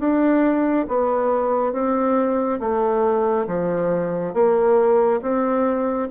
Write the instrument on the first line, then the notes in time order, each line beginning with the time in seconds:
bassoon
0.00 D4
0.89 B3
1.73 C4
2.60 A3
3.47 F3
4.34 A#3
5.22 C4